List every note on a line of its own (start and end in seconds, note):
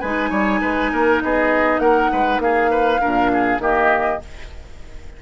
0.00 0.30 G#3
0.00 3.00 D#4
0.00 0.30 B4
0.00 1.20 G#5
0.30 0.60 G3
0.30 0.60 C#5
0.61 0.92 G#3
0.61 0.91 B4
0.92 1.22 A#3
0.92 1.23 A#4
1.22 1.79 B3
1.22 1.81 G#4
1.22 1.79 D#5
1.79 2.09 A#3
1.79 2.11 A#4
1.79 2.39 F#5
2.12 2.39 G#3
2.12 2.42 B4
2.39 2.99 A#3
2.39 2.71 G#4
2.39 3.61 F5
2.71 3.00 B4
3.00 3.59 A#2
3.00 3.60 D4
3.00 3.31 A#4
3.33 3.62 G#4
3.59 4.19 D#3
3.59 4.20 A#3
3.59 4.22 G4
3.59 4.22 D#5